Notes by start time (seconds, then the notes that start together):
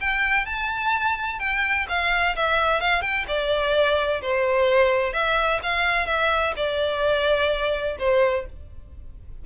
0.00 G5
0.45 A5
1.39 G5
1.89 F5
2.36 E5
2.81 F5
3.01 G5
3.27 D5
4.21 C5
5.13 E5
5.62 F5
6.06 E5
6.56 D5
7.99 C5